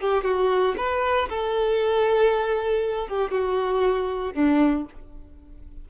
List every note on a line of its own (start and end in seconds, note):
0.00 0.24 G4
0.24 0.76 F#4
0.78 1.29 B4
1.29 3.08 A4
3.08 3.31 G4
3.31 4.34 F#4
4.34 4.85 D4